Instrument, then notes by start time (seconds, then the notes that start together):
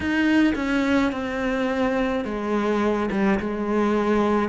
cello
0.00 D#4
0.55 C#4
1.12 C4
2.24 G#3
3.11 G3
3.39 G#3